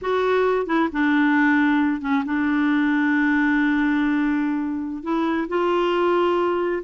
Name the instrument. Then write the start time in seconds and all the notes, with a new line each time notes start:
clarinet
0.01 F#4
0.66 E4
0.92 D4
2.01 C#4
2.25 D4
5.03 E4
5.48 F4